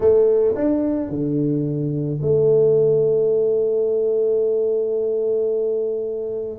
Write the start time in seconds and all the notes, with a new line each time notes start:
0.00 A3
0.55 D4
1.09 D3
2.21 A3